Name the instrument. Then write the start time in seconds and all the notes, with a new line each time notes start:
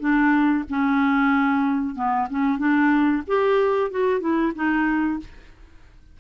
clarinet
0.00 D4
0.70 C#4
1.95 B3
2.30 C#4
2.58 D4
3.27 G4
3.91 F#4
4.21 E4
4.55 D#4